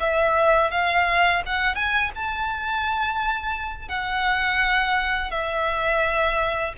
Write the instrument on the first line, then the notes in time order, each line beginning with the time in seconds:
violin
0.00 E5
0.70 F5
1.46 F#5
1.75 G#5
2.15 A5
3.88 F#5
5.31 E5